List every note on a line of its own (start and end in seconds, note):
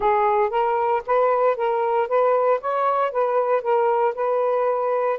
0.00 0.50 G#4
0.50 1.02 A#4
1.06 1.56 B4
1.56 2.08 A#4
2.08 2.60 B4
2.61 3.11 C#5
3.11 3.62 B4
3.62 4.14 A#4
4.15 5.19 B4